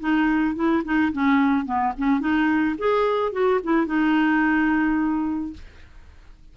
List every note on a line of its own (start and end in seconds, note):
0.00 0.56 D#4
0.56 0.83 E4
0.85 1.13 D#4
1.13 1.66 C#4
1.66 1.93 B3
1.98 2.20 C#4
2.20 2.76 D#4
2.79 3.33 G#4
3.33 3.60 F#4
3.64 3.87 E4
3.87 5.54 D#4